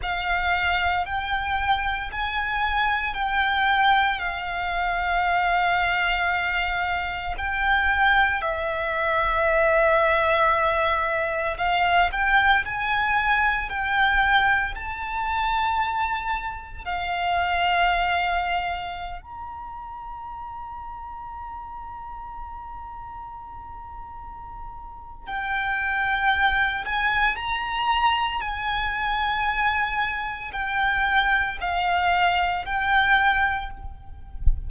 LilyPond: \new Staff \with { instrumentName = "violin" } { \time 4/4 \tempo 4 = 57 f''4 g''4 gis''4 g''4 | f''2. g''4 | e''2. f''8 g''8 | gis''4 g''4 a''2 |
f''2~ f''16 ais''4.~ ais''16~ | ais''1 | g''4. gis''8 ais''4 gis''4~ | gis''4 g''4 f''4 g''4 | }